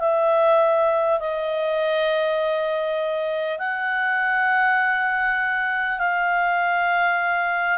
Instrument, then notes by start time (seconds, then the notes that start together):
clarinet
0.00 E5
1.19 D#5
3.59 F#5
5.99 F5